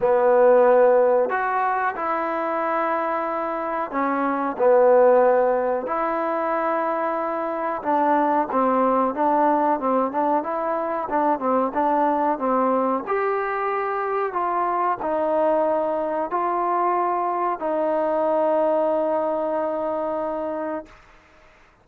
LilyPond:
\new Staff \with { instrumentName = "trombone" } { \time 4/4 \tempo 4 = 92 b2 fis'4 e'4~ | e'2 cis'4 b4~ | b4 e'2. | d'4 c'4 d'4 c'8 d'8 |
e'4 d'8 c'8 d'4 c'4 | g'2 f'4 dis'4~ | dis'4 f'2 dis'4~ | dis'1 | }